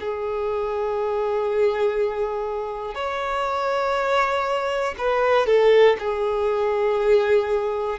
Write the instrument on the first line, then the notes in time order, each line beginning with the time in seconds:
violin
0.00 G#4
2.95 C#5
4.98 B4
5.46 A4
5.99 G#4